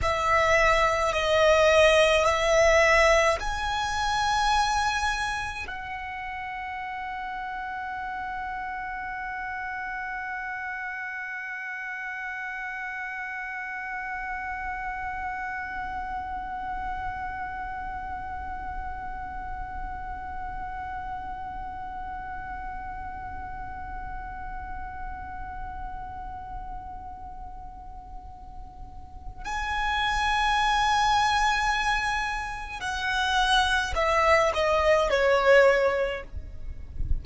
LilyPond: \new Staff \with { instrumentName = "violin" } { \time 4/4 \tempo 4 = 53 e''4 dis''4 e''4 gis''4~ | gis''4 fis''2.~ | fis''1~ | fis''1~ |
fis''1~ | fis''1~ | fis''2 gis''2~ | gis''4 fis''4 e''8 dis''8 cis''4 | }